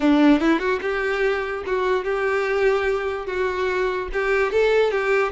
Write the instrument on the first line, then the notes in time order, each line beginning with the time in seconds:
violin
0.00 D4
0.40 E4
0.59 F#4
0.81 G4
1.66 F#4
2.04 G4
3.26 F#4
4.12 G4
4.52 A4
4.91 G4